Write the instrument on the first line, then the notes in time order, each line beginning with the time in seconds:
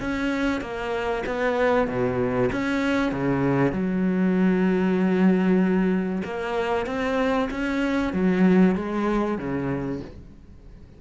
cello
0.00 C#4
0.61 A#3
1.26 B3
1.87 B2
2.52 C#4
3.12 C#3
3.72 F#3
6.24 A#3
6.86 C4
7.51 C#4
8.13 F#3
8.76 G#3
9.38 C#3